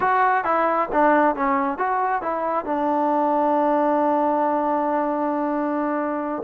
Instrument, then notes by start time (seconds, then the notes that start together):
trombone
0.00 F#4
0.44 E4
0.92 D4
1.35 C#4
1.77 F#4
2.22 E4
2.65 D4